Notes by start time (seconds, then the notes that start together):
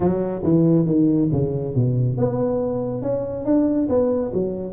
0.00 F#3
0.43 E3
0.86 D#3
1.32 C#3
1.75 B2
2.17 B3
3.02 C#4
3.45 D4
3.88 B3
4.33 F#3